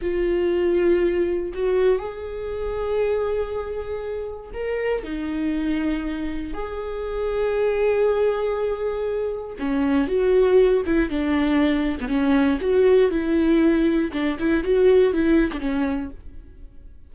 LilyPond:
\new Staff \with { instrumentName = "viola" } { \time 4/4 \tempo 4 = 119 f'2. fis'4 | gis'1~ | gis'4 ais'4 dis'2~ | dis'4 gis'2.~ |
gis'2. cis'4 | fis'4. e'8 d'4.~ d'16 b16 | cis'4 fis'4 e'2 | d'8 e'8 fis'4 e'8. d'16 cis'4 | }